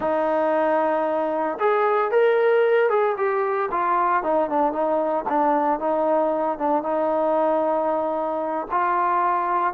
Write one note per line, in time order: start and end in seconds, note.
0.00 1.58 D#4
1.59 2.11 G#4
2.11 2.89 A#4
2.89 3.16 G#4
3.17 3.69 G4
3.71 4.23 F4
4.23 4.49 D#4
4.49 4.72 D4
4.72 5.25 D#4
5.28 5.79 D4
5.79 6.58 D#4
6.58 6.83 D4
6.83 8.67 D#4
8.71 9.73 F4